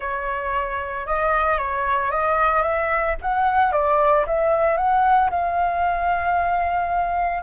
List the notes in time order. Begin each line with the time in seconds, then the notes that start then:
0.00 C#5
1.06 D#5
1.58 C#5
2.11 D#5
2.62 E5
3.21 F#5
3.72 D5
4.26 E5
4.77 F#5
5.30 F5